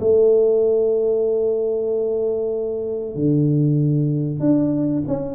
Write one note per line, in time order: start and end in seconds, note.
0.00 3.15 A3
3.15 4.40 D3
4.40 5.03 D4
5.07 5.35 C#4